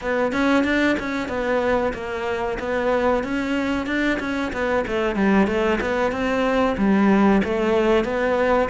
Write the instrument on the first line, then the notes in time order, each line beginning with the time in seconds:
cello
0.01 B3
0.32 C#4
0.64 D4
0.99 C#4
1.28 B3
1.93 A#3
2.59 B3
3.23 C#4
3.86 D4
4.19 C#4
4.52 B3
4.87 A3
5.15 G3
5.47 A3
5.80 B3
6.11 C4
6.77 G3
7.44 A3
8.04 B3